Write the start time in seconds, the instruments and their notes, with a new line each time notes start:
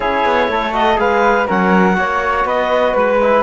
0.00 cello C#4, trombone E4, flute G#4, clarinet C#5
0.25 cello B3
0.48 cello A3, flute A4
0.71 trombone F#4, clarinet D#5
0.96 cello G#3, trombone G#4, flute B4, clarinet F5
1.46 cello F#3, trombone C#4, flute A#4, clarinet F#5
1.94 cello A#3, trombone F#4, flute C#5
2.44 cello B3, flute B4, clarinet D#5
2.94 cello G#3, clarinet B4
3.21 trombone E4